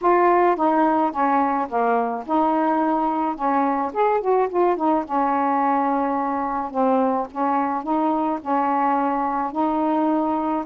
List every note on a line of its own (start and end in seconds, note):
0.01 0.56 F4
0.56 1.11 D#4
1.11 1.67 C#4
1.68 2.24 A#3
2.26 3.35 D#4
3.35 3.91 C#4
3.93 4.21 G#4
4.21 4.49 F#4
4.49 4.76 F4
4.76 5.04 D#4
5.05 6.71 C#4
6.71 7.27 C4
7.31 7.83 C#4
7.83 8.39 D#4
8.41 9.52 C#4
9.52 10.64 D#4